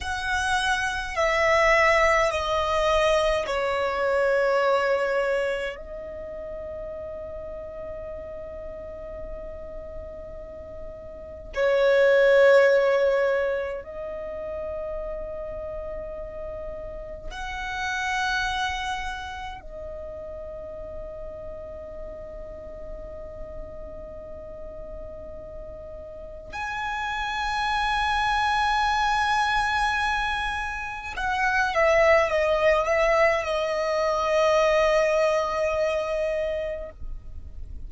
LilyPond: \new Staff \with { instrumentName = "violin" } { \time 4/4 \tempo 4 = 52 fis''4 e''4 dis''4 cis''4~ | cis''4 dis''2.~ | dis''2 cis''2 | dis''2. fis''4~ |
fis''4 dis''2.~ | dis''2. gis''4~ | gis''2. fis''8 e''8 | dis''8 e''8 dis''2. | }